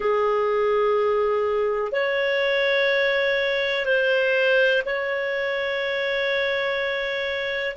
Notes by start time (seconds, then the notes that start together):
0.00 G#4
1.91 C#5
3.85 C5
4.85 C#5